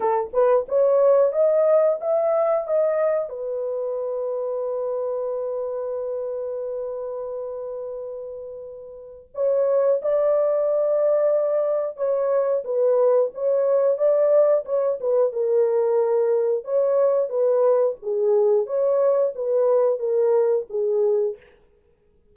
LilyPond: \new Staff \with { instrumentName = "horn" } { \time 4/4 \tempo 4 = 90 a'8 b'8 cis''4 dis''4 e''4 | dis''4 b'2.~ | b'1~ | b'2 cis''4 d''4~ |
d''2 cis''4 b'4 | cis''4 d''4 cis''8 b'8 ais'4~ | ais'4 cis''4 b'4 gis'4 | cis''4 b'4 ais'4 gis'4 | }